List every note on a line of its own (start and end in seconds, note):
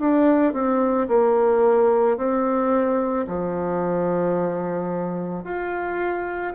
0.00 0.54 D4
0.54 1.08 C4
1.09 2.17 A#3
2.17 3.26 C4
3.27 5.44 F3
5.44 6.53 F4